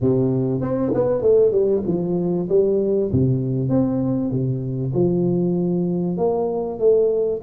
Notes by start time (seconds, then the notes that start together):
0.00 C3
0.61 C4
0.93 B3
1.21 A3
1.51 G3
1.86 F3
2.49 G3
3.12 C3
3.69 C4
4.30 C3
4.93 F3
6.17 A#3
6.79 A3